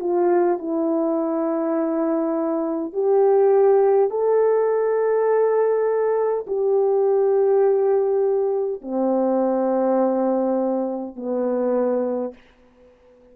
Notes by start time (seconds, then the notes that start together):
0.00 F4
0.59 E4
2.93 G4
4.10 A4
6.47 G4
8.81 C4
11.16 B3